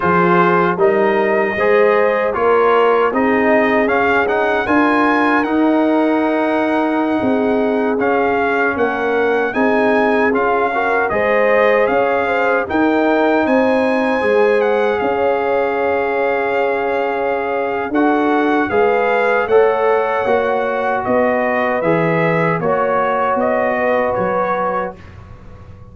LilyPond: <<
  \new Staff \with { instrumentName = "trumpet" } { \time 4/4 \tempo 4 = 77 c''4 dis''2 cis''4 | dis''4 f''8 fis''8 gis''4 fis''4~ | fis''2~ fis''16 f''4 fis''8.~ | fis''16 gis''4 f''4 dis''4 f''8.~ |
f''16 g''4 gis''4. fis''8 f''8.~ | f''2. fis''4 | f''4 fis''2 dis''4 | e''4 cis''4 dis''4 cis''4 | }
  \new Staff \with { instrumentName = "horn" } { \time 4/4 gis'4 ais'4 c''4 ais'4 | gis'2 ais'2~ | ais'4~ ais'16 gis'2 ais'8.~ | ais'16 gis'4. ais'8 c''4 cis''8 c''16~ |
c''16 ais'4 c''2 cis''8.~ | cis''2. a'4 | b'4 cis''2 b'4~ | b'4 cis''4. b'4. | }
  \new Staff \with { instrumentName = "trombone" } { \time 4/4 f'4 dis'4 gis'4 f'4 | dis'4 cis'8 dis'8 f'4 dis'4~ | dis'2~ dis'16 cis'4.~ cis'16~ | cis'16 dis'4 f'8 fis'8 gis'4.~ gis'16~ |
gis'16 dis'2 gis'4.~ gis'16~ | gis'2. fis'4 | gis'4 a'4 fis'2 | gis'4 fis'2. | }
  \new Staff \with { instrumentName = "tuba" } { \time 4/4 f4 g4 gis4 ais4 | c'4 cis'4 d'4 dis'4~ | dis'4~ dis'16 c'4 cis'4 ais8.~ | ais16 c'4 cis'4 gis4 cis'8.~ |
cis'16 dis'4 c'4 gis4 cis'8.~ | cis'2. d'4 | gis4 a4 ais4 b4 | e4 ais4 b4 fis4 | }
>>